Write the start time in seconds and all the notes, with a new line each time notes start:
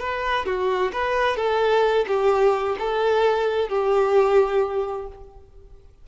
0.00 B4
0.46 F#4
0.93 B4
1.37 A4
2.07 G4
2.79 A4
3.69 G4